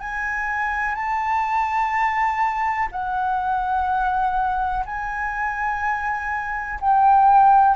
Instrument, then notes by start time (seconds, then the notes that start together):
flute
0.00 G#5
0.95 A5
2.91 F#5
4.86 G#5
6.80 G5